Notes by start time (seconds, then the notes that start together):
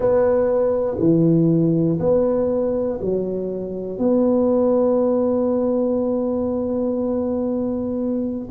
0.00 B3
0.99 E3
2.00 B3
3.01 F#3
3.98 B3